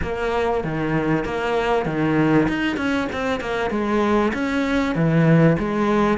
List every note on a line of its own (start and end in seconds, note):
0.02 0.64 A#3
0.64 1.25 D#3
1.25 1.85 A#3
1.85 2.47 D#3
2.48 2.77 D#4
2.77 3.08 C#4
3.12 3.40 C4
3.40 3.70 A#3
3.70 4.32 G#3
4.33 4.95 C#4
4.95 5.57 E3
5.58 6.18 G#3